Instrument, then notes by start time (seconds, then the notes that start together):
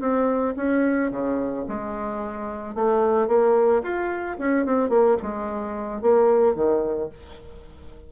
bassoon
0.00 C4
0.57 C#4
1.11 C#3
1.69 G#3
2.75 A3
3.28 A#3
3.83 F4
4.39 C#4
4.66 C4
4.90 A#3
5.22 G#3
6.02 A#3
6.55 D#3